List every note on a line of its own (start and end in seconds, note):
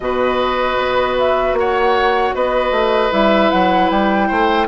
0.00 0.76 B2
0.00 3.11 F#4
0.00 1.59 B4
0.00 1.17 D#5
0.78 1.52 B3
1.18 1.57 E5
1.52 2.30 A#3
1.58 2.34 C#5
1.58 2.34 F#5
2.34 2.71 B3
2.34 4.28 B4
2.34 3.12 D#5
2.71 3.10 A3
3.11 3.51 G3
3.11 4.67 E4
3.11 3.50 E5
3.50 3.90 F#3
3.50 3.89 F#5
3.90 4.29 G3
3.90 4.67 G5
4.28 4.67 A3
4.28 4.67 C5